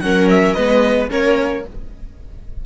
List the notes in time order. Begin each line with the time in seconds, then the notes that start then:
0.00 F#3 C#4 A#4 F#5
0.29 E5
0.53 G#3 B3 B4 D#5
1.09 A#3 C#4 A#4 C#5